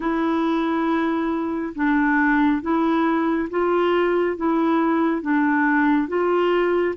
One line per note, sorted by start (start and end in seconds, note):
0.00 1.73 E4
1.75 2.61 D4
2.61 3.48 E4
3.50 4.36 F4
4.36 5.21 E4
5.21 6.08 D4
6.08 6.94 F4